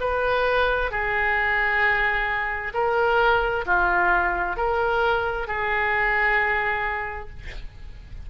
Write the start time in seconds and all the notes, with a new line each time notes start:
0.00 B4
0.91 G#4
2.74 A#4
3.66 F4
4.57 A#4
5.48 G#4